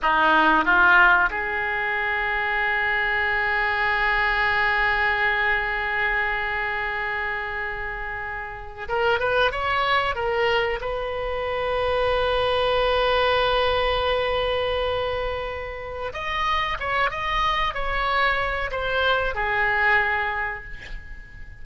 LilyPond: \new Staff \with { instrumentName = "oboe" } { \time 4/4 \tempo 4 = 93 dis'4 f'4 gis'2~ | gis'1~ | gis'1~ | gis'4.~ gis'16 ais'8 b'8 cis''4 ais'16~ |
ais'8. b'2.~ b'16~ | b'1~ | b'4 dis''4 cis''8 dis''4 cis''8~ | cis''4 c''4 gis'2 | }